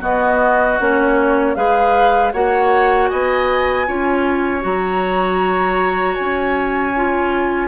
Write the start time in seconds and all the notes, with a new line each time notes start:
0.00 B3 F#4 D#5
0.79 A#3 C#4 C#5
1.55 G#3 G#4 B4 F5
2.32 A#3 F#4 C#5 F#5
3.08 B3 D#5 G#5
3.87 C#4 F4 C#5
4.60 F#3 F#4 A#5
6.15 C#4 G#5
6.96 F4